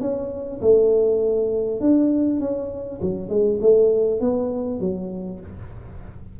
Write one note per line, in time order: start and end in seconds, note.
0.00 0.60 C#4
0.61 1.80 A3
1.80 2.40 D4
2.40 3.00 C#4
3.01 3.29 F#3
3.29 3.59 G#3
3.61 4.20 A3
4.20 4.80 B3
4.80 5.40 F#3